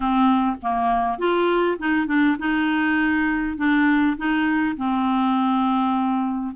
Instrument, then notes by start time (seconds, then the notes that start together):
clarinet
0.00 C4
0.62 A#3
1.18 F4
1.78 D#4
2.07 D4
2.38 D#4
3.57 D4
4.17 D#4
4.76 C4